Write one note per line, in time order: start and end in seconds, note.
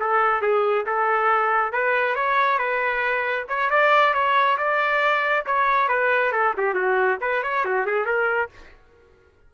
0.00 0.42 A4
0.42 0.85 G#4
0.86 1.73 A4
1.73 2.15 B4
2.15 2.58 C#5
2.58 3.46 B4
3.48 3.70 C#5
3.70 4.13 D5
4.13 4.57 C#5
4.57 5.45 D5
5.46 5.88 C#5
5.88 6.32 B4
6.32 6.54 A4
6.57 6.74 G4
6.74 7.18 F#4
7.21 7.43 B4
7.43 7.65 C#5
7.65 7.86 F#4
7.86 8.05 G#4
8.05 8.49 A#4